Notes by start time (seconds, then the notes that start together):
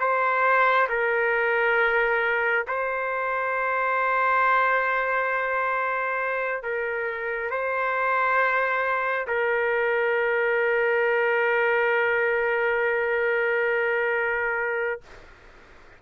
0.00 C5
0.89 A#4
2.68 C5
6.63 A#4
7.51 C5
9.28 A#4